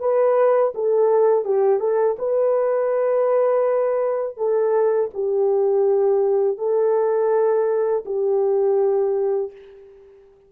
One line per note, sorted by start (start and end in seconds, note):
0.00 0.73 B4
0.75 1.45 A4
1.45 1.80 G4
1.80 2.17 A4
2.19 4.37 B4
4.37 5.10 A4
5.14 6.58 G4
6.58 8.04 A4
8.05 9.52 G4